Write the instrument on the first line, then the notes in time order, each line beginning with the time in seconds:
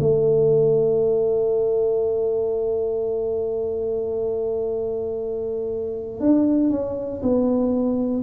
tuba
0.00 A3
6.20 D4
6.70 C#4
7.22 B3